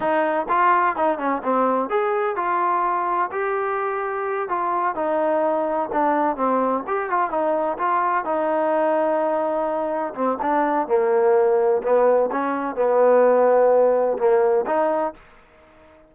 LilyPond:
\new Staff \with { instrumentName = "trombone" } { \time 4/4 \tempo 4 = 127 dis'4 f'4 dis'8 cis'8 c'4 | gis'4 f'2 g'4~ | g'4. f'4 dis'4.~ | dis'8 d'4 c'4 g'8 f'8 dis'8~ |
dis'8 f'4 dis'2~ dis'8~ | dis'4. c'8 d'4 ais4~ | ais4 b4 cis'4 b4~ | b2 ais4 dis'4 | }